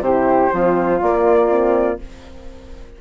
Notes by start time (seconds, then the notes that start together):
0.00 C3 E4 G4 C5
0.51 F3 C4 F4
1.00 A#3 D5
1.48 C4